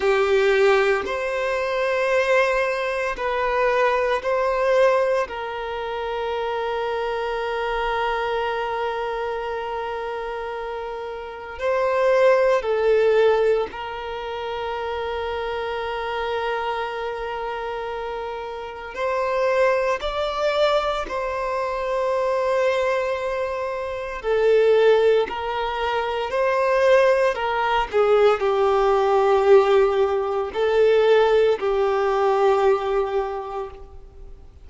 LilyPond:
\new Staff \with { instrumentName = "violin" } { \time 4/4 \tempo 4 = 57 g'4 c''2 b'4 | c''4 ais'2.~ | ais'2. c''4 | a'4 ais'2.~ |
ais'2 c''4 d''4 | c''2. a'4 | ais'4 c''4 ais'8 gis'8 g'4~ | g'4 a'4 g'2 | }